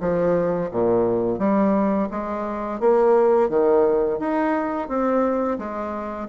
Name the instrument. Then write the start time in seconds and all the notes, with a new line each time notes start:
bassoon
0.00 F3
0.71 A#2
1.38 G3
2.11 G#3
2.79 A#3
3.49 D#3
4.19 D#4
4.88 C4
5.58 G#3